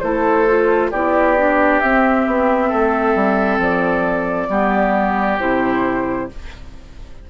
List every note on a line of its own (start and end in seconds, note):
0.00 0.92 A3
0.00 0.47 E4
0.00 0.91 A4
0.00 0.90 C5
0.47 0.92 F4
0.91 1.81 B3
0.91 1.37 E4
0.91 2.68 G4
0.91 1.80 D5
1.37 1.82 D4
1.80 2.27 C4
1.80 4.49 C4
1.80 3.59 E5
2.27 2.71 B3
2.68 3.15 A3
2.68 4.48 A4
3.15 3.58 G3
3.58 4.48 F3
3.58 5.39 D5
4.49 5.38 G3
4.49 5.38 B3
4.49 6.29 G4
5.39 6.30 C3
5.39 6.29 E4
5.39 6.29 C5